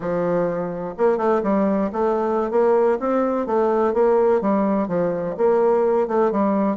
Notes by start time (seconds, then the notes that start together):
0.00 F3
0.97 A#3
1.17 A3
1.43 G3
1.92 A3
2.50 A#3
2.99 C4
3.46 A3
3.93 A#3
4.41 G3
4.87 F3
5.37 A#3
6.07 A3
6.31 G3